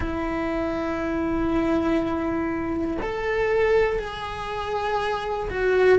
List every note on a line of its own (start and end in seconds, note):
0.00 2.97 E4
3.02 3.99 A4
3.99 5.49 G#4
5.50 5.98 F#4